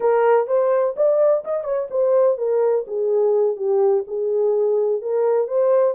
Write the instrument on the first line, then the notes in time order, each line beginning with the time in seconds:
horn
0.00 A#4
0.47 C5
0.96 D5
1.44 D#5
1.64 C#5
1.90 C5
2.37 A#4
2.87 G#4
3.56 G4
4.07 G#4
5.01 A#4
5.47 C5